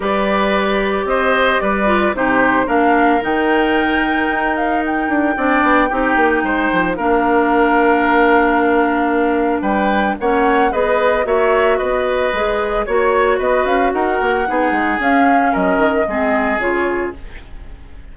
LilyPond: <<
  \new Staff \with { instrumentName = "flute" } { \time 4/4 \tempo 4 = 112 d''2 dis''4 d''4 | c''4 f''4 g''2~ | g''8 f''8 g''2.~ | g''4 f''2.~ |
f''2 g''4 fis''4 | dis''4 e''4 dis''2 | cis''4 dis''8 f''8 fis''2 | f''4 dis''2 cis''4 | }
  \new Staff \with { instrumentName = "oboe" } { \time 4/4 b'2 c''4 b'4 | g'4 ais'2.~ | ais'2 d''4 g'4 | c''4 ais'2.~ |
ais'2 b'4 cis''4 | b'4 cis''4 b'2 | cis''4 b'4 ais'4 gis'4~ | gis'4 ais'4 gis'2 | }
  \new Staff \with { instrumentName = "clarinet" } { \time 4/4 g'2.~ g'8 f'8 | dis'4 d'4 dis'2~ | dis'2 d'4 dis'4~ | dis'4 d'2.~ |
d'2. cis'4 | gis'4 fis'2 gis'4 | fis'2. dis'4 | cis'2 c'4 f'4 | }
  \new Staff \with { instrumentName = "bassoon" } { \time 4/4 g2 c'4 g4 | c4 ais4 dis2 | dis'4. d'8 c'8 b8 c'8 ais8 | gis8 f8 ais2.~ |
ais2 g4 ais4 | b4 ais4 b4 gis4 | ais4 b8 cis'8 dis'8 ais8 b8 gis8 | cis'4 fis8 dis8 gis4 cis4 | }
>>